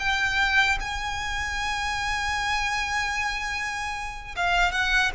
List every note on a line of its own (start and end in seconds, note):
0.00 0.79 G5
0.81 4.36 G#5
4.36 4.72 F5
4.72 5.12 F#5